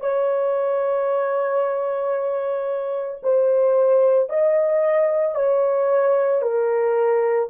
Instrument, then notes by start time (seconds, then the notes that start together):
horn
0.00 C#5
3.23 C5
4.30 D#5
5.35 C#5
6.42 A#4